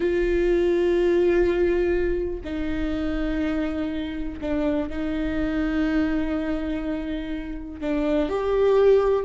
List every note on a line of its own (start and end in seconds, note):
0.00 2.40 F4
2.44 4.39 D#4
4.41 4.89 D4
4.89 7.80 D#4
7.80 8.29 D4
8.29 9.24 G4